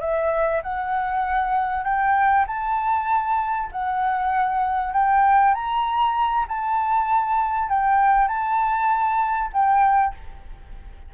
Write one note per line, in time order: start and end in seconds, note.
0.00 0.61 E5
0.62 1.84 F#5
1.84 2.45 G5
2.47 3.70 A5
3.72 4.93 F#5
4.93 5.54 G5
5.54 6.46 A#5
6.48 7.69 A5
7.69 8.28 G5
8.28 9.50 A5
9.53 10.14 G5